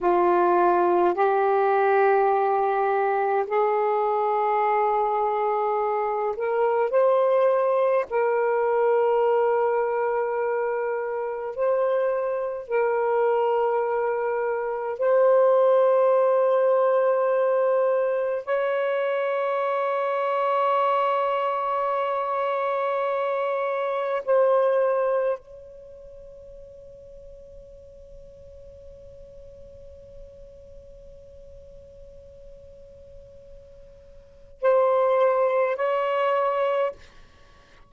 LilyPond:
\new Staff \with { instrumentName = "saxophone" } { \time 4/4 \tempo 4 = 52 f'4 g'2 gis'4~ | gis'4. ais'8 c''4 ais'4~ | ais'2 c''4 ais'4~ | ais'4 c''2. |
cis''1~ | cis''4 c''4 cis''2~ | cis''1~ | cis''2 c''4 cis''4 | }